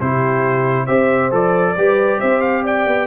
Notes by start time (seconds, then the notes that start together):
0.00 C3 E4 G4 C5
0.85 C4 G4 C5 E5
1.31 F3 A4 D5
1.76 G3 G4 B4
2.20 C4 C5 E5
2.42 F5
2.63 D5 G5
2.87 B3